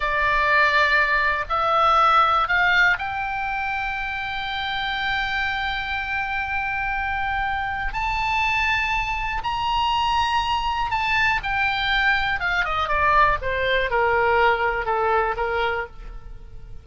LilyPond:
\new Staff \with { instrumentName = "oboe" } { \time 4/4 \tempo 4 = 121 d''2. e''4~ | e''4 f''4 g''2~ | g''1~ | g''1 |
a''2. ais''4~ | ais''2 a''4 g''4~ | g''4 f''8 dis''8 d''4 c''4 | ais'2 a'4 ais'4 | }